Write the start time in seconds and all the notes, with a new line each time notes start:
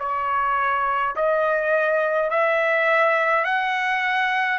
0.00 C#5
1.16 D#5
2.30 E5
3.45 F#5